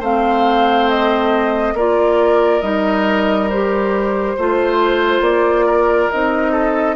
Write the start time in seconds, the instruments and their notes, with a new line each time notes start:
0.00 bassoon A3, clarinet C4, oboe C5, flute F5
0.90 flute D#5
1.74 bassoon A#3, clarinet F4, oboe A#4, flute D5
2.62 bassoon G3, clarinet D#4, flute D#5
3.50 clarinet G4, flute C5
4.36 bassoon A3, clarinet F4, oboe C5
5.21 bassoon A#3, flute D5
5.66 oboe A#4
6.11 bassoon C4, clarinet D#4, flute D#5
6.52 oboe A4